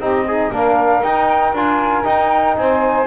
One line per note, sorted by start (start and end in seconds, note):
0.00 0.51 C4
0.00 0.26 D#4
0.00 0.26 G4
0.00 0.53 D#5
0.27 0.54 D#4
0.27 0.52 G#4
0.51 1.02 A#3
0.51 1.03 D4
0.51 2.58 A#4
0.51 1.03 F5
1.03 1.53 D#4
1.03 1.55 D#4
1.03 1.54 G5
1.53 2.04 D4
1.53 2.04 F4
1.53 2.05 G#5
2.04 3.06 D#4
2.04 2.57 D#4
2.04 2.56 G5
2.57 3.08 C4
2.57 3.08 C5
2.57 3.08 G#5